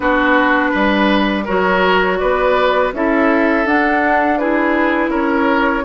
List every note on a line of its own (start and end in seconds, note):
0.00 0.72 B3
0.00 1.45 D4
0.00 0.71 F#4
0.00 1.45 B4
0.71 1.47 G3
0.71 1.44 B4
1.44 2.21 F#3
1.44 2.93 F#4
1.44 2.17 A#4
1.44 2.18 C#5
2.18 2.92 B3
2.18 2.93 B4
2.18 2.91 D5
2.92 3.65 C#4
2.92 3.66 E4
2.92 4.39 A4
2.92 3.67 E5
3.65 5.09 D4
3.65 4.39 D4
3.65 4.37 F#5
4.37 5.84 E4
4.37 5.10 G#4
4.37 5.11 B4
5.09 5.82 C#4
5.09 5.83 A#4
5.15 5.84 C#5